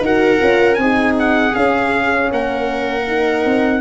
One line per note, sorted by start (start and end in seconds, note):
0.00 0.38 D#4
0.00 0.39 F#4
0.00 0.81 A#4
0.00 0.74 F#5
0.39 0.77 C#4
0.39 0.77 F4
0.74 1.53 C4
0.74 1.12 G#5
0.81 1.52 D#4
0.81 2.32 G#4
1.19 1.55 F#5
1.52 3.04 C#4
1.52 2.31 C#4
1.52 2.31 F5
2.31 3.45 A#3
2.31 3.81 A#4
2.31 3.81 F#5
3.07 3.81 D#4
3.45 3.81 C4